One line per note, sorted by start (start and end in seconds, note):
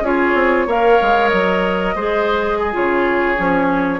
0.00 0.32 C#4
0.00 0.68 F4
0.00 0.66 G#4
0.00 0.69 C#5
0.34 0.66 C4
0.66 0.98 A#3
0.66 1.96 A#4
0.66 1.94 C#5
0.66 1.28 F5
1.01 1.32 G#3
1.28 1.94 F#3
1.28 2.72 D#5
1.94 2.74 G#3
1.94 2.72 G#4
1.94 2.58 C5
2.58 4.00 G#4
2.72 3.38 C#3
2.72 3.36 F4
2.72 4.00 C#5
3.36 4.00 F3
3.36 3.99 C#4